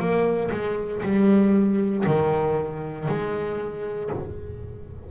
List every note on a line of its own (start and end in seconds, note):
0.00 0.51 A#3
0.52 1.03 G#3
1.03 2.05 G3
2.07 3.09 D#3
3.09 4.10 G#3